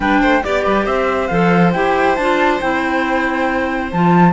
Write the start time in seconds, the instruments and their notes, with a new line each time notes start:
0.00 cello G3, clarinet D4, violin B4, flute G5
0.20 cello A3, violin C5
0.43 cello B3, clarinet G4, flute D5, violin D5
0.63 cello G3, violin B4
0.84 cello C4, violin C5, flute E5
1.27 cello F3, clarinet A4, flute F5
1.72 cello E4, clarinet G4, flute G5
2.15 cello D4, clarinet F4, flute A5
2.60 cello C4, clarinet E4, flute G5
3.92 cello F3, clarinet F4, flute A5